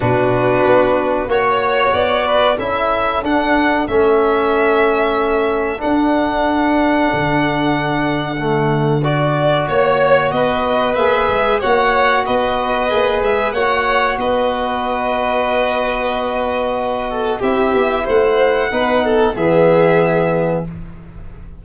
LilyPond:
<<
  \new Staff \with { instrumentName = "violin" } { \time 4/4 \tempo 4 = 93 b'2 cis''4 d''4 | e''4 fis''4 e''2~ | e''4 fis''2.~ | fis''2 d''4 cis''4 |
dis''4 e''4 fis''4 dis''4~ | dis''8 e''8 fis''4 dis''2~ | dis''2. e''4 | fis''2 e''2 | }
  \new Staff \with { instrumentName = "violin" } { \time 4/4 fis'2 cis''4. b'8 | a'1~ | a'1~ | a'2. cis''4 |
b'2 cis''4 b'4~ | b'4 cis''4 b'2~ | b'2~ b'8 a'8 g'4 | c''4 b'8 a'8 gis'2 | }
  \new Staff \with { instrumentName = "trombone" } { \time 4/4 d'2 fis'2 | e'4 d'4 cis'2~ | cis'4 d'2.~ | d'4 a4 fis'2~ |
fis'4 gis'4 fis'2 | gis'4 fis'2.~ | fis'2. e'4~ | e'4 dis'4 b2 | }
  \new Staff \with { instrumentName = "tuba" } { \time 4/4 b,4 b4 ais4 b4 | cis'4 d'4 a2~ | a4 d'2 d4~ | d2. ais4 |
b4 ais8 gis8 ais4 b4 | ais8 gis8 ais4 b2~ | b2. c'8 b8 | a4 b4 e2 | }
>>